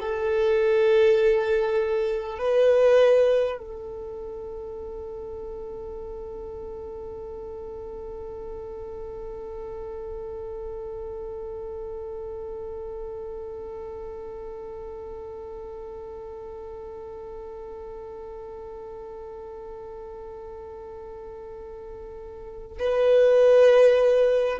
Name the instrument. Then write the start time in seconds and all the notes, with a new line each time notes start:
violin
0.00 A4
2.38 B4
3.58 A4
22.79 B4